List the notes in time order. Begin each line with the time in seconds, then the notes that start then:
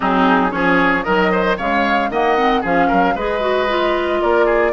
0.00 F#3 C4 D#4 G#4
0.50 F3 C#4 G#4 C#5
1.03 D#3 F#3 A#4 D#5
1.31 C5
1.57 C#3 G#3 C#5 F5
2.09 D#3 A#3 D#5 F#5
2.37 C4
2.61 F3 C#4 G#4 F5
2.87 F#3 A#4
3.15 G#3 G#4 B4 D#5
3.40 F#4
3.68 F4
4.21 A#3 A#4 D5
4.45 G#4